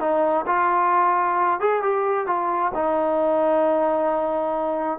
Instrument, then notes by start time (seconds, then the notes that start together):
trombone
0.00 D#4
0.47 F4
1.60 G#4
1.82 G4
2.27 F4
2.75 D#4